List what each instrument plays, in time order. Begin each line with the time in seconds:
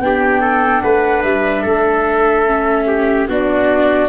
0.00 tuba B3, viola D4, trumpet G4, flute G5
0.41 trumpet A4
0.81 tuba A3, trumpet B4, flute F#5
1.23 tuba G3, flute E5
1.62 tuba A3, trumpet A4
2.47 viola C#4
2.87 trumpet G4
3.29 tuba B3, viola D4, trumpet F#4, flute D5